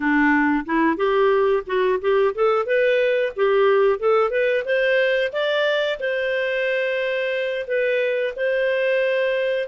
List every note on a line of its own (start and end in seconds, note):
0.00 0.65 D4
0.65 0.96 E4
0.96 1.63 G4
1.66 1.99 F#4
2.01 2.34 G4
2.34 2.66 A4
2.66 3.32 B4
3.35 3.99 G4
3.99 4.30 A4
4.30 4.63 B4
4.65 5.32 C5
5.32 5.98 D5
5.99 7.66 C5
7.67 8.34 B4
8.35 9.68 C5